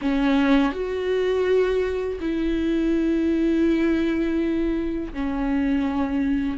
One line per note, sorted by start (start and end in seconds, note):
0.01 0.72 C#4
0.72 2.18 F#4
2.20 5.13 E4
5.13 6.58 C#4